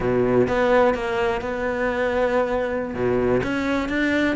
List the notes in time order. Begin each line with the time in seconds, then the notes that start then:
0.00 B2
0.47 B3
0.94 A#3
1.41 B3
2.94 B2
3.43 C#4
3.88 D4